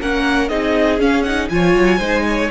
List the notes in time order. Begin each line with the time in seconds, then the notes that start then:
0.00 A#3 C#4 A#4 F#5
0.49 C4 D#4 G#4 D#5
0.99 C#4 F5
1.23 D#4 F#5
1.49 F3 F4 C#5 G#5
1.74 F#3
1.98 G#3 D#4 C5
2.28 C#5